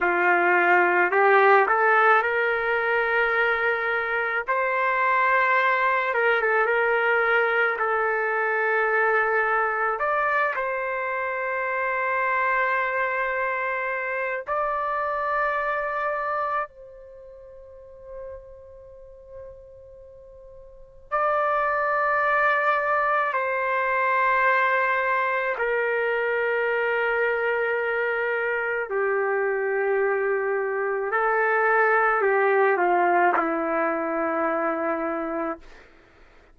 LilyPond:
\new Staff \with { instrumentName = "trumpet" } { \time 4/4 \tempo 4 = 54 f'4 g'8 a'8 ais'2 | c''4. ais'16 a'16 ais'4 a'4~ | a'4 d''8 c''2~ c''8~ | c''4 d''2 c''4~ |
c''2. d''4~ | d''4 c''2 ais'4~ | ais'2 g'2 | a'4 g'8 f'8 e'2 | }